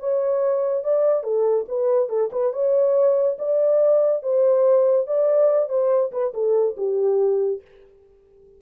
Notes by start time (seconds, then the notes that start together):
0.00 C#5
0.84 D5
1.24 A4
1.68 B4
2.09 A4
2.33 B4
2.53 C#5
3.39 D5
4.23 C5
5.07 D5
5.69 C5
6.12 B4
6.34 A4
6.77 G4